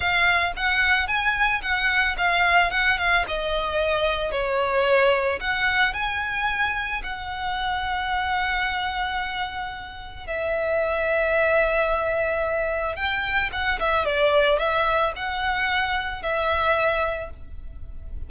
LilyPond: \new Staff \with { instrumentName = "violin" } { \time 4/4 \tempo 4 = 111 f''4 fis''4 gis''4 fis''4 | f''4 fis''8 f''8 dis''2 | cis''2 fis''4 gis''4~ | gis''4 fis''2.~ |
fis''2. e''4~ | e''1 | g''4 fis''8 e''8 d''4 e''4 | fis''2 e''2 | }